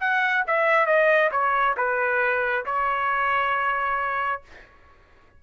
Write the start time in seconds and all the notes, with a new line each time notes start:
0.00 F#5
0.47 E5
0.86 D#5
1.31 C#5
1.77 B4
2.65 C#5